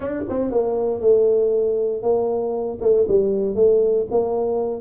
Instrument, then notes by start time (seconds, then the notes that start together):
tuba
0.00 D4
0.29 C4
0.51 A#3
1.00 A3
2.02 A#3
2.81 A3
3.08 G3
3.55 A3
4.10 A#3